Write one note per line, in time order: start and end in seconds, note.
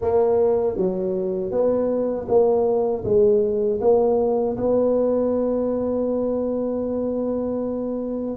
0.01 0.76 A#3
0.76 1.51 F#3
1.51 2.27 B3
2.28 3.04 A#3
3.04 3.80 G#3
3.80 4.56 A#3
4.57 8.36 B3